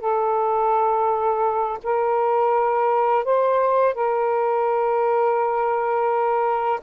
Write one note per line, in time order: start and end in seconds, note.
0.00 1.79 A4
1.84 3.24 A#4
3.24 3.94 C5
3.94 6.80 A#4